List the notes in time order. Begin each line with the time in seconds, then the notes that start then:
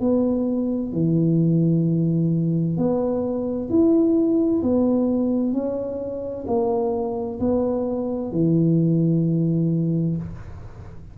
0.00 B3
0.93 E3
2.77 B3
3.70 E4
4.62 B3
5.53 C#4
6.47 A#3
7.39 B3
8.32 E3